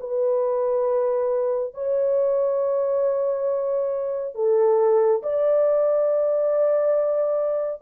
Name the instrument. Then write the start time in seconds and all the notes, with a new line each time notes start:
horn
0.00 B4
1.74 C#5
4.35 A4
5.23 D5